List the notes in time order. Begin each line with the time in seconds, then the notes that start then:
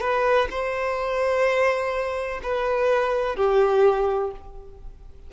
0.00 B4
0.50 C5
2.42 B4
3.35 G4